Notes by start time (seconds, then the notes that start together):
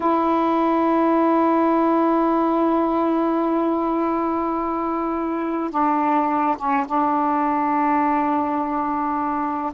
0.00 E4
5.70 D4
6.57 C#4
6.86 D4